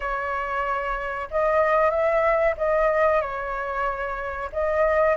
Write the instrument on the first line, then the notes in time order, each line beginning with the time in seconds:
flute
0.00 C#5
1.30 D#5
1.90 E5
2.57 D#5
3.21 C#5
4.52 D#5